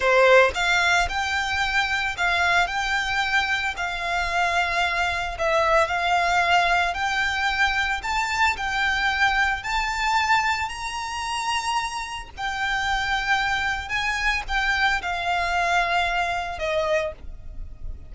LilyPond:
\new Staff \with { instrumentName = "violin" } { \time 4/4 \tempo 4 = 112 c''4 f''4 g''2 | f''4 g''2 f''4~ | f''2 e''4 f''4~ | f''4 g''2 a''4 |
g''2 a''2 | ais''2. g''4~ | g''2 gis''4 g''4 | f''2. dis''4 | }